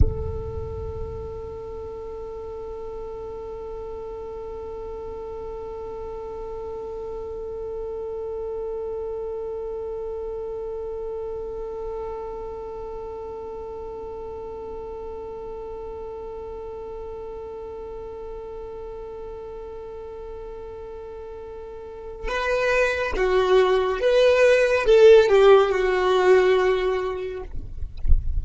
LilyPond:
\new Staff \with { instrumentName = "violin" } { \time 4/4 \tempo 4 = 70 a'1~ | a'1~ | a'1~ | a'1~ |
a'1~ | a'1~ | a'2 b'4 fis'4 | b'4 a'8 g'8 fis'2 | }